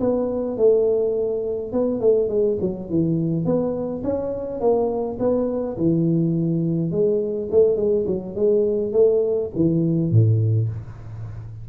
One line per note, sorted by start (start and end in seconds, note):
0.00 0.57 B3
0.57 1.72 A3
1.72 2.01 B3
2.01 2.29 A3
2.29 2.58 G#3
2.61 2.90 F#3
2.90 3.45 E3
3.45 4.03 B3
4.04 4.60 C#4
4.60 5.18 A#3
5.19 5.77 B3
5.77 6.91 E3
6.91 7.49 G#3
7.51 7.76 A3
7.76 8.05 G#3
8.07 8.35 F#3
8.35 8.92 G#3
8.92 9.50 A3
9.55 10.11 E3
10.11 10.69 A2